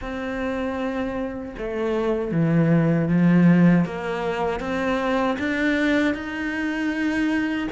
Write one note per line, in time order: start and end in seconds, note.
0.01 1.55 C4
1.58 2.31 A3
2.31 3.08 E3
3.08 3.85 F3
3.85 4.60 A#3
4.60 5.37 C4
5.38 6.14 D4
6.14 7.68 D#4